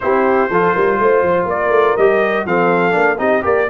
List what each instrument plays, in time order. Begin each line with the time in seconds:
0.00 tuba C4, trombone E4, horn G4, trumpet C5
0.50 tuba F3, trombone F4, horn A4
0.73 tuba G3, horn A#4
0.99 tuba A3, horn C5
1.22 tuba F3
1.45 tuba A#3, horn A#4, trumpet D5
1.69 tuba A3
1.97 tuba G3, trombone G4, trumpet D#5
2.45 tuba F3, trombone C4, horn A4, trumpet F5
2.91 tuba A#3, trombone D4
3.18 tuba C4, trombone D#4, horn G4, trumpet D#5
3.42 tuba A#3, trombone G4, horn A#4, trumpet D5